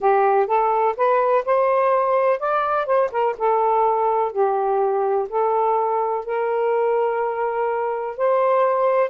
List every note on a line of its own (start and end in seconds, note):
0.00 0.47 G4
0.47 0.95 A4
0.96 1.44 B4
1.45 2.39 C5
2.39 2.86 D5
2.86 3.10 C5
3.11 3.35 A#4
3.38 4.32 A4
4.32 5.28 G4
5.29 6.25 A4
6.25 8.17 A#4
8.17 9.10 C5